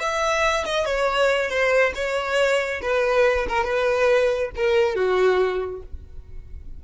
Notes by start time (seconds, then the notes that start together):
0.00 E5
0.65 D#5
0.86 C#5
1.50 C5
1.95 C#5
2.82 B4
3.49 A#4
3.65 B4
4.56 A#4
4.96 F#4